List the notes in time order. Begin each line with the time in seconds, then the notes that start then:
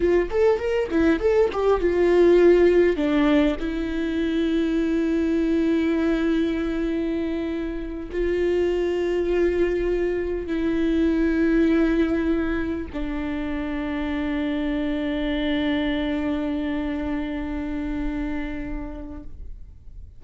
0.00 F4
0.30 A4
0.58 A#4
0.91 E4
1.19 A4
1.52 G4
1.80 F4
2.96 D4
3.59 E4
8.11 F4
10.46 E4
12.93 D4